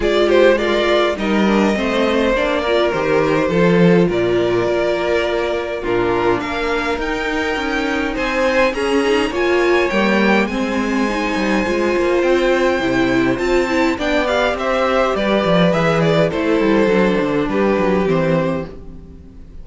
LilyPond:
<<
  \new Staff \with { instrumentName = "violin" } { \time 4/4 \tempo 4 = 103 d''8 c''8 d''4 dis''2 | d''4 c''2 d''4~ | d''2 ais'4 f''4 | g''2 gis''4 ais''4 |
gis''4 g''4 gis''2~ | gis''4 g''2 a''4 | g''8 f''8 e''4 d''4 e''8 d''8 | c''2 b'4 c''4 | }
  \new Staff \with { instrumentName = "violin" } { \time 4/4 gis'8 g'8 f'4 ais'4 c''4~ | c''8 ais'4. a'4 ais'4~ | ais'2 f'4 ais'4~ | ais'2 c''4 gis'4 |
cis''2 c''2~ | c''1 | d''4 c''4 b'2 | a'2 g'2 | }
  \new Staff \with { instrumentName = "viola" } { \time 4/4 f'4 ais'4 dis'8 d'8 c'4 | d'8 f'8 g'4 f'2~ | f'2 d'2 | dis'2. cis'8 dis'8 |
f'4 ais4 c'4 dis'4 | f'2 e'4 f'8 e'8 | d'8 g'2~ g'8 gis'4 | e'4 d'2 c'4 | }
  \new Staff \with { instrumentName = "cello" } { \time 4/4 gis2 g4 a4 | ais4 dis4 f4 ais,4 | ais2 ais,4 ais4 | dis'4 cis'4 c'4 cis'4 |
ais4 g4 gis4. g8 | gis8 ais8 c'4 c4 c'4 | b4 c'4 g8 f8 e4 | a8 g8 fis8 d8 g8 fis8 e4 | }
>>